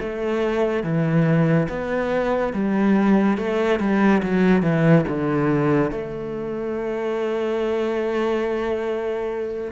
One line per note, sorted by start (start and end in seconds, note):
0.00 0.84 A3
0.84 1.68 E3
1.69 2.54 B3
2.54 3.38 G3
3.38 3.80 A3
3.80 4.22 G3
4.23 4.63 F#3
4.63 5.05 E3
5.08 5.92 D3
5.92 9.72 A3